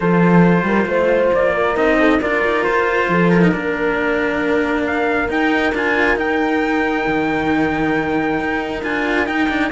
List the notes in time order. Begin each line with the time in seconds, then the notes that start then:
0.00 F3 F4 A4 C5
0.63 G3 A#4
0.85 A3 C5
1.33 A#3 D5
1.53 A#4
1.75 C4 D#4 D#5
1.99 A4
2.20 D4 F4 A#4 D5
2.44 D#4
2.63 F4 C5
3.09 F3 A4
3.29 A#4
3.41 D#4
3.51 A#3 D4 A#4
4.86 F5
5.28 D#4 G5
5.72 D4 F4 G#5
6.15 D#4 G5
7.07 D#3
8.39 D#4
8.82 D4 F4 G#5
9.26 D#4 G5
9.48 D4